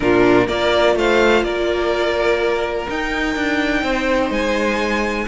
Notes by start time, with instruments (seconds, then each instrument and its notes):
0.00 cello A#2, viola D4, violin F4 A#4
0.46 cello A#3, viola F4, violin A#4 D5
0.95 cello A3, violin C5 F5
1.43 cello A#3, violin A#4 D5
2.89 viola D#4, cello D#4, violin G5
3.35 cello D4
3.82 cello C4, violin C5
4.30 cello G#3, violin G#5